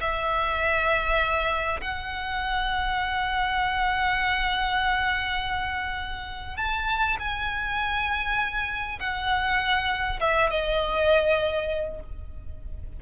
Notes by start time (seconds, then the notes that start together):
0.00 E5
1.80 F#5
6.56 A5
7.19 G#5
8.99 F#5
10.20 E5
10.50 D#5